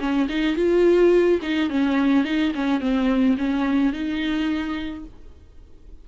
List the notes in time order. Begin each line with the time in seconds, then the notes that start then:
0.00 C#4
0.29 D#4
0.56 F4
1.42 D#4
1.70 C#4
2.25 D#4
2.55 C#4
2.81 C4
3.38 C#4
3.93 D#4